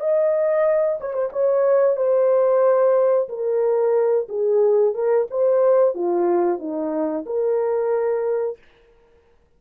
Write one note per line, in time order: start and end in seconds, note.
0.00 0.99 D#5
1.00 1.13 C#5
1.13 1.30 C5
1.32 1.97 C#5
1.97 3.28 C5
3.29 4.28 A#4
4.29 4.94 G#4
4.94 5.27 A#4
5.30 5.94 C5
5.94 6.59 F4
6.59 7.25 D#4
7.26 8.58 A#4